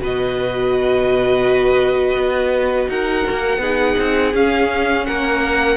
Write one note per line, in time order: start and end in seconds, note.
0.00 2.15 B2
0.00 3.61 F#4
0.00 2.90 B4
0.00 2.90 D#5
2.15 2.88 B3
2.89 3.25 D#4
2.89 3.62 A#4
2.89 4.35 F#5
3.30 3.58 A#3
3.58 3.94 B3
3.58 4.34 D#4
3.58 5.06 G#4
3.99 4.34 C4
4.34 5.07 C#4
4.34 5.77 C#4
4.34 5.06 F5
5.06 5.77 A#3
5.06 5.77 A#4
5.06 5.77 F#5